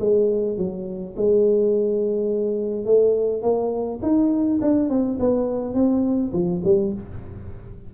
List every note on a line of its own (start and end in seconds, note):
0.00 0.57 G#3
0.57 1.15 F#3
1.17 2.85 G#3
2.85 3.42 A3
3.42 4.00 A#3
4.02 4.60 D#4
4.61 4.89 D4
4.89 5.18 C4
5.19 5.74 B3
5.74 6.32 C4
6.33 6.62 F3
6.64 6.93 G3